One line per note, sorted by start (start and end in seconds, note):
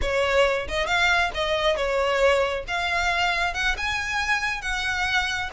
0.01 0.67 C#5
0.67 0.86 D#5
0.86 1.31 F5
1.34 1.76 D#5
1.76 2.64 C#5
2.67 3.53 F5
3.53 3.75 F#5
3.77 4.61 G#5
4.61 5.49 F#5